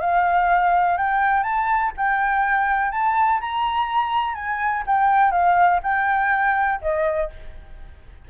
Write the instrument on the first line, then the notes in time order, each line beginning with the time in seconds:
flute
0.00 F5
0.97 G5
1.43 A5
1.97 G5
2.91 A5
3.40 A#5
4.35 G#5
4.86 G5
5.31 F5
5.83 G5
6.81 D#5